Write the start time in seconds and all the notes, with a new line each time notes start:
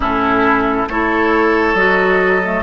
0.00 A2 C#4 E4 A4
0.88 A3 E4 A4 C#5
1.74 F#3 F#4 D#5
2.43 A3